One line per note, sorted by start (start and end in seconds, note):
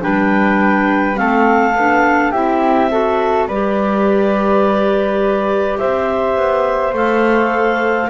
0.00 1.19 G3
0.00 1.14 D4
0.00 1.19 B4
0.00 1.16 G5
1.14 1.75 A3
1.14 1.72 C4
1.14 2.31 A4
1.14 2.31 F5
1.75 2.33 B3
1.75 2.33 D4
2.31 3.47 C4
2.31 2.91 E4
2.31 2.88 G4
2.31 3.47 E5
2.90 3.48 F#4
2.90 3.47 A4
3.47 5.78 G3
3.47 6.94 G4
3.47 5.78 B4
3.47 5.78 D5
5.78 6.36 C4
5.78 8.09 C5
5.78 6.93 E5
6.36 6.93 B3
6.93 8.08 A3
6.93 8.09 A4
6.93 8.09 F5